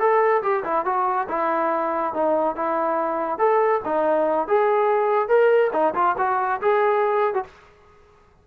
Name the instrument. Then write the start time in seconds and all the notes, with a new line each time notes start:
trombone
0.00 A4
0.43 G4
0.64 E4
0.86 F#4
1.29 E4
2.14 D#4
2.56 E4
3.39 A4
3.85 D#4
4.48 G#4
5.29 A#4
5.73 D#4
5.95 F4
6.19 F#4
6.62 G#4
7.34 F#4